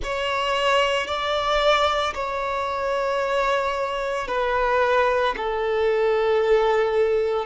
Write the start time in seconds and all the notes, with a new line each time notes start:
0.03 C#5
1.06 D5
2.14 C#5
4.27 B4
5.36 A4